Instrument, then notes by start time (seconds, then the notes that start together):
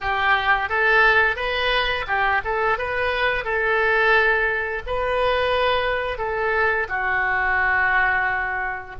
oboe
0.00 G4
0.69 A4
1.36 B4
2.07 G4
2.44 A4
2.77 B4
3.44 A4
4.86 B4
6.18 A4
6.88 F#4